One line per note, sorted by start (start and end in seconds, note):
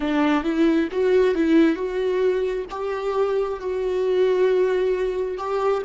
0.00 0.43 D4
0.43 0.88 E4
0.91 1.34 F#4
1.34 1.75 E4
1.75 2.65 F#4
2.70 3.59 G4
3.59 5.37 F#4
5.37 5.82 G4